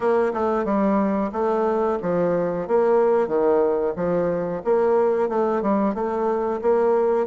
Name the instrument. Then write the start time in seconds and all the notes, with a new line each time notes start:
bassoon
0.00 A#3
0.33 A3
0.64 G3
1.32 A3
2.02 F3
2.67 A#3
3.27 D#3
3.96 F3
4.64 A#3
5.29 A3
5.62 G3
5.94 A3
6.61 A#3